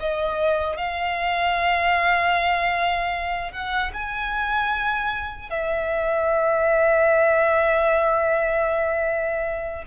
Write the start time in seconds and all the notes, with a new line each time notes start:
0.00 D#5
0.77 F5
3.52 F#5
3.94 G#5
5.50 E5